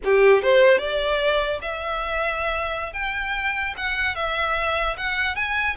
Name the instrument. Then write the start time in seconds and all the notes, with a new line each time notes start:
violin
0.04 G4
0.42 C5
0.78 D5
1.61 E5
2.93 G5
3.77 F#5
4.15 E5
4.97 F#5
5.35 G#5